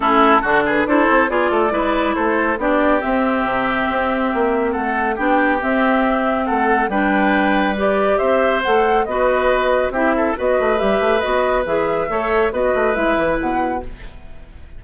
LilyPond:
<<
  \new Staff \with { instrumentName = "flute" } { \time 4/4 \tempo 4 = 139 a'4. b'8 c''4 d''4~ | d''4 c''4 d''4 e''4~ | e''2. fis''4 | g''4 e''2 fis''4 |
g''2 d''4 e''4 | fis''4 dis''2 e''4 | dis''4 e''4 dis''4 e''4~ | e''4 dis''4 e''4 fis''4 | }
  \new Staff \with { instrumentName = "oboe" } { \time 4/4 e'4 fis'8 gis'8 a'4 gis'8 a'8 | b'4 a'4 g'2~ | g'2. a'4 | g'2. a'4 |
b'2. c''4~ | c''4 b'2 g'8 a'8 | b'1 | cis''4 b'2. | }
  \new Staff \with { instrumentName = "clarinet" } { \time 4/4 cis'4 d'4 e'4 f'4 | e'2 d'4 c'4~ | c'1 | d'4 c'2. |
d'2 g'2 | a'4 fis'2 e'4 | fis'4 g'4 fis'4 gis'4 | a'4 fis'4 e'2 | }
  \new Staff \with { instrumentName = "bassoon" } { \time 4/4 a4 d4 d'8 c'8 b8 a8 | gis4 a4 b4 c'4 | c4 c'4 ais4 a4 | b4 c'2 a4 |
g2. c'4 | a4 b2 c'4 | b8 a8 g8 a8 b4 e4 | a4 b8 a8 gis8 e8 b,4 | }
>>